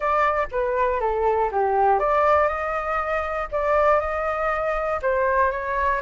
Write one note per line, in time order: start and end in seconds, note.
0.00 0.47 D5
0.51 1.00 B4
1.00 1.50 A4
1.51 1.99 G4
1.99 2.48 D5
2.48 3.48 D#5
3.51 4.00 D5
4.00 5.00 D#5
5.01 5.51 C5
5.51 6.01 C#5